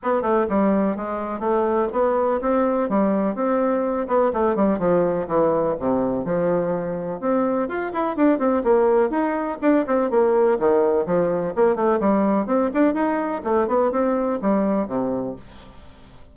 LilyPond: \new Staff \with { instrumentName = "bassoon" } { \time 4/4 \tempo 4 = 125 b8 a8 g4 gis4 a4 | b4 c'4 g4 c'4~ | c'8 b8 a8 g8 f4 e4 | c4 f2 c'4 |
f'8 e'8 d'8 c'8 ais4 dis'4 | d'8 c'8 ais4 dis4 f4 | ais8 a8 g4 c'8 d'8 dis'4 | a8 b8 c'4 g4 c4 | }